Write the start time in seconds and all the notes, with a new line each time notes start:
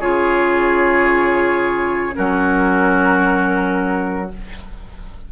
0.00 C#3 F4 G#4 C#5
2.14 F#3 C#4 F#4 A#4